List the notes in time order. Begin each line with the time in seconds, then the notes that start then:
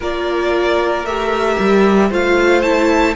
0.00 A#3 F4 A#4 D5
1.04 A3 G4 E5
1.59 G3
2.09 A3 F4 C5 F5
2.61 E4 A5